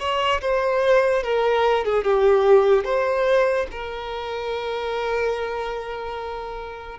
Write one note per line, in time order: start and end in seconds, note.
0.00 0.41 C#5
0.42 1.23 C5
1.23 1.85 A#4
1.85 2.04 G#4
2.04 2.85 G4
2.85 3.67 C5
3.72 6.99 A#4